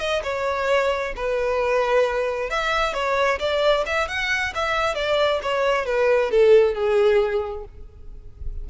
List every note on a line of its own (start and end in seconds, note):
0.00 0.23 D#5
0.24 1.14 C#5
1.16 2.50 B4
2.50 2.94 E5
2.94 3.39 C#5
3.40 3.85 D5
3.86 4.08 E5
4.08 4.53 F#5
4.55 4.95 E5
4.95 5.40 D5
5.43 5.86 C#5
5.86 6.31 B4
6.31 6.74 A4
6.74 7.65 G#4